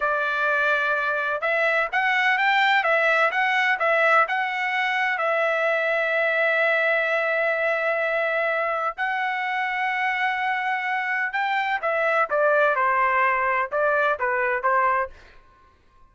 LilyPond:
\new Staff \with { instrumentName = "trumpet" } { \time 4/4 \tempo 4 = 127 d''2. e''4 | fis''4 g''4 e''4 fis''4 | e''4 fis''2 e''4~ | e''1~ |
e''2. fis''4~ | fis''1 | g''4 e''4 d''4 c''4~ | c''4 d''4 b'4 c''4 | }